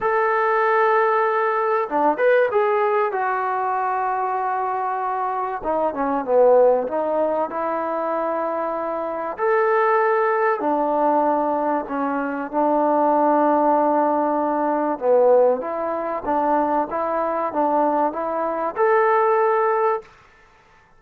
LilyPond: \new Staff \with { instrumentName = "trombone" } { \time 4/4 \tempo 4 = 96 a'2. d'8 b'8 | gis'4 fis'2.~ | fis'4 dis'8 cis'8 b4 dis'4 | e'2. a'4~ |
a'4 d'2 cis'4 | d'1 | b4 e'4 d'4 e'4 | d'4 e'4 a'2 | }